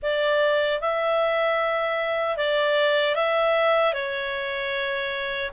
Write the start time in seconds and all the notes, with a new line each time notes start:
0.02 D5
0.80 E5
2.36 D5
3.15 E5
3.93 C#5